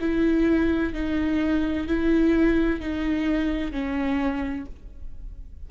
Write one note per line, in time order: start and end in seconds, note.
0.00 0.94 E4
0.94 1.87 D#4
1.87 2.80 E4
2.80 3.72 D#4
3.72 4.66 C#4